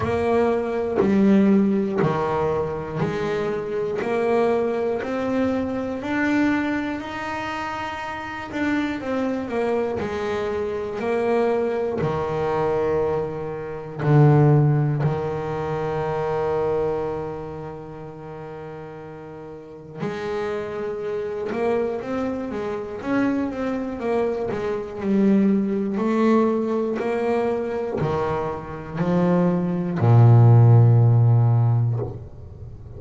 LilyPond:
\new Staff \with { instrumentName = "double bass" } { \time 4/4 \tempo 4 = 60 ais4 g4 dis4 gis4 | ais4 c'4 d'4 dis'4~ | dis'8 d'8 c'8 ais8 gis4 ais4 | dis2 d4 dis4~ |
dis1 | gis4. ais8 c'8 gis8 cis'8 c'8 | ais8 gis8 g4 a4 ais4 | dis4 f4 ais,2 | }